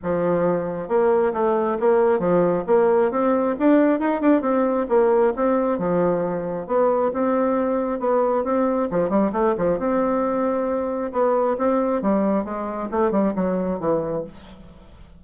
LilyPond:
\new Staff \with { instrumentName = "bassoon" } { \time 4/4 \tempo 4 = 135 f2 ais4 a4 | ais4 f4 ais4 c'4 | d'4 dis'8 d'8 c'4 ais4 | c'4 f2 b4 |
c'2 b4 c'4 | f8 g8 a8 f8 c'2~ | c'4 b4 c'4 g4 | gis4 a8 g8 fis4 e4 | }